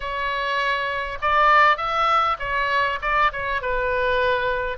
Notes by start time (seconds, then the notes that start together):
0.00 C#5
1.21 D5
1.77 E5
2.39 C#5
3.01 D5
3.32 C#5
3.61 B4